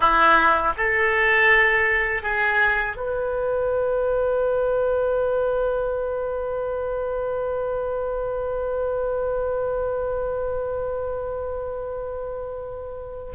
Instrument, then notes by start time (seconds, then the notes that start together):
oboe
0.00 E4
0.77 A4
2.22 G#4
2.96 B4